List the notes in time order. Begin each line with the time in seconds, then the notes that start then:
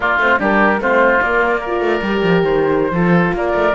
0.00 A#3 F4 D5
0.18 A3 C4 C5
0.38 G3 D4 G4 A#4
0.79 A3 C4 F4 C5
1.21 A#3 D5
1.60 F4 A#4
1.80 A3
2.01 G3 G4
2.22 F3
2.42 D#3 C5
2.91 F3 F4 A4
3.33 A#3 A#4 D5
3.54 A3